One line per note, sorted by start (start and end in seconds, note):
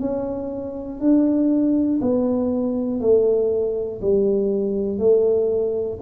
0.00 1.00 C#4
1.00 2.00 D4
2.01 3.00 B3
3.00 4.00 A3
4.01 4.99 G3
4.99 5.99 A3